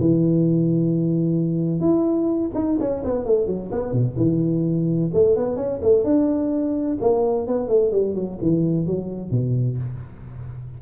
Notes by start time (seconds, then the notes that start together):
0.00 E3
1.81 E4
2.55 D#4
2.80 C#4
3.05 B3
3.26 A3
3.47 F#3
3.72 B3
3.93 B2
4.17 E3
5.14 A3
5.37 B3
5.57 C#4
5.82 A3
6.04 D4
7.01 A#3
7.48 B3
7.69 A3
7.92 G3
8.15 F#3
8.42 E3
8.87 F#3
9.31 B2